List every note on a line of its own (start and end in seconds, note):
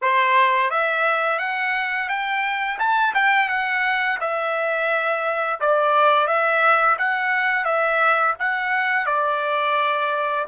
0.01 0.70 C5
0.70 1.39 E5
1.39 2.08 F#5
2.08 2.78 G5
2.79 3.14 A5
3.14 3.48 G5
3.48 4.18 F#5
4.20 5.60 E5
5.60 6.27 D5
6.27 6.96 E5
6.98 7.64 F#5
7.64 8.34 E5
8.39 9.05 F#5
9.05 10.45 D5